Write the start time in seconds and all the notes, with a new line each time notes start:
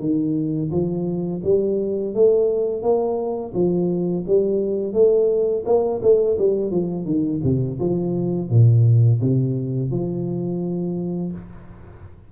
0.00 D#3
0.71 F3
1.44 G3
2.14 A3
2.82 A#3
3.54 F3
4.27 G3
4.93 A3
5.66 A#3
6.02 A3
6.39 G3
6.71 F3
7.06 D#3
7.43 C3
7.80 F3
8.50 A#2
9.21 C3
9.91 F3